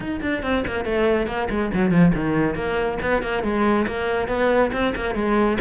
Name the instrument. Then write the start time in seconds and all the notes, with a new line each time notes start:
cello
0.00 D#4
0.21 D4
0.43 C4
0.66 A#3
0.85 A3
1.26 A#3
1.50 G#3
1.74 F#3
1.90 F3
2.14 D#3
2.55 A#3
3.01 B3
3.22 A#3
3.43 G#3
3.87 A#3
4.28 B3
4.72 C4
4.95 A#3
5.14 G#3